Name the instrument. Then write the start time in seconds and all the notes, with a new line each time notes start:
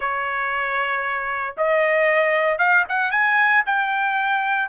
trumpet
0.00 C#5
1.57 D#5
2.58 F5
2.88 F#5
3.11 G#5
3.65 G5